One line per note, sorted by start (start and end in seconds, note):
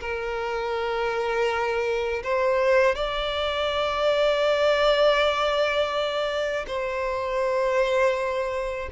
0.00 2.22 A#4
2.23 2.95 C5
2.95 6.65 D5
6.67 8.89 C5